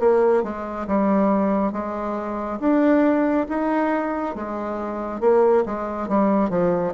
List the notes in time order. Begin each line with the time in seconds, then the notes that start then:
0.00 A#3
0.43 G#3
0.87 G3
1.72 G#3
2.60 D4
3.49 D#4
4.35 G#3
5.21 A#3
5.66 G#3
6.09 G3
6.50 F3